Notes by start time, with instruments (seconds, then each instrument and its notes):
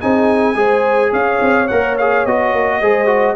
0.00 tuba C4, trombone D#4, horn G#4, trumpet G#5
0.55 tuba G#3, trombone G#4, horn C5
1.10 tuba C#4, horn C#5, trumpet F5
1.41 tuba C4
1.68 tuba A#3, trombone A#4, trumpet F#5
1.98 trombone G#4, trumpet F5
2.25 tuba B3, trombone F#4, trumpet D#5
2.53 tuba A#3
2.80 tuba G#3, trombone G#4, horn C5
3.06 trombone F#4